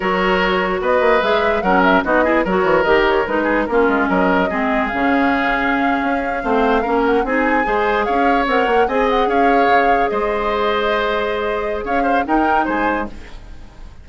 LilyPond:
<<
  \new Staff \with { instrumentName = "flute" } { \time 4/4 \tempo 4 = 147 cis''2 dis''4 e''4 | fis''8 e''8 dis''4 cis''4 dis''8 cis''8 | b'4 ais'4 dis''2 | f''1~ |
f''4~ f''16 fis''8 gis''2 f''16~ | f''8. fis''4 gis''8 fis''8 f''4~ f''16~ | f''8. dis''2.~ dis''16~ | dis''4 f''4 g''4 gis''4 | }
  \new Staff \with { instrumentName = "oboe" } { \time 4/4 ais'2 b'2 | ais'4 fis'8 gis'8 ais'2~ | ais'8 gis'8 f'4 ais'4 gis'4~ | gis'2.~ gis'8. c''16~ |
c''8. ais'4 gis'4 c''4 cis''16~ | cis''4.~ cis''16 dis''4 cis''4~ cis''16~ | cis''8. c''2.~ c''16~ | c''4 cis''8 c''8 ais'4 c''4 | }
  \new Staff \with { instrumentName = "clarinet" } { \time 4/4 fis'2. gis'4 | cis'4 dis'8 e'8 fis'4 g'4 | dis'4 cis'2 c'4 | cis'2.~ cis'8. c'16~ |
c'8. cis'4 dis'4 gis'4~ gis'16~ | gis'8. ais'4 gis'2~ gis'16~ | gis'1~ | gis'2 dis'2 | }
  \new Staff \with { instrumentName = "bassoon" } { \time 4/4 fis2 b8 ais8 gis4 | fis4 b4 fis8 e8 dis4 | gis4 ais8 gis8 fis4 gis4 | cis2~ cis8. cis'4 a16~ |
a8. ais4 c'4 gis4 cis'16~ | cis'8. c'8 ais8 c'4 cis'4 cis16~ | cis8. gis2.~ gis16~ | gis4 cis'4 dis'4 gis4 | }
>>